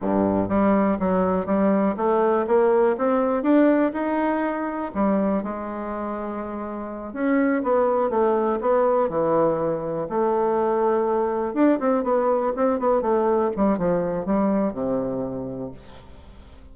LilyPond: \new Staff \with { instrumentName = "bassoon" } { \time 4/4 \tempo 4 = 122 g,4 g4 fis4 g4 | a4 ais4 c'4 d'4 | dis'2 g4 gis4~ | gis2~ gis8 cis'4 b8~ |
b8 a4 b4 e4.~ | e8 a2. d'8 | c'8 b4 c'8 b8 a4 g8 | f4 g4 c2 | }